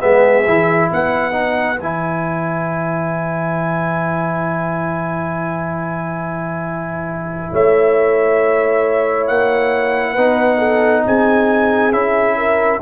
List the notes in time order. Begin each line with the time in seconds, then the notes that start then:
0.00 G#3 B3 G#4 E5
0.47 E3 E4
0.90 B3 B4 F#5
1.32 D#4
1.80 E3 E4 G#5
7.53 A3 C#5 E5
9.28 A#3 F#5
10.13 B3 D#4 B4
10.59 A4
11.07 C4 G#4 G#5
11.92 C#4 E4 E5
12.38 A#4